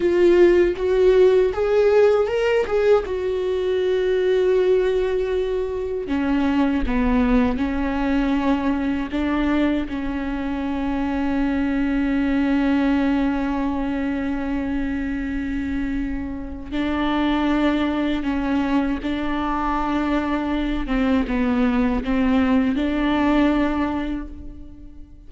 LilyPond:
\new Staff \with { instrumentName = "viola" } { \time 4/4 \tempo 4 = 79 f'4 fis'4 gis'4 ais'8 gis'8 | fis'1 | cis'4 b4 cis'2 | d'4 cis'2.~ |
cis'1~ | cis'2 d'2 | cis'4 d'2~ d'8 c'8 | b4 c'4 d'2 | }